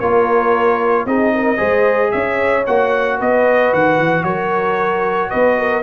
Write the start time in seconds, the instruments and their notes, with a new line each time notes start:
0.00 tuba A#3, trombone F4, horn A#4, trumpet C#5
1.06 tuba C4, trombone D#4, horn G#4, trumpet D#5
1.35 horn A#4
1.58 tuba G#3, trombone G#4, horn C5
2.12 tuba C#4, horn C#5, trumpet E5
2.67 tuba A#3, trombone F#4, trumpet F#5
3.18 tuba B3, horn B4, trumpet D#5
3.74 tuba D#3, trumpet F#5
3.99 tuba E3
4.24 tuba F#3, horn A#4, trumpet C#5
5.31 tuba B3, horn B4, trumpet D#5
5.59 horn A#4